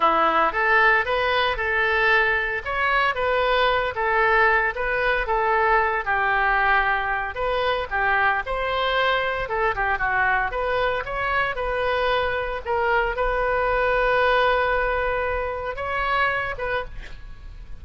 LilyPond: \new Staff \with { instrumentName = "oboe" } { \time 4/4 \tempo 4 = 114 e'4 a'4 b'4 a'4~ | a'4 cis''4 b'4. a'8~ | a'4 b'4 a'4. g'8~ | g'2 b'4 g'4 |
c''2 a'8 g'8 fis'4 | b'4 cis''4 b'2 | ais'4 b'2.~ | b'2 cis''4. b'8 | }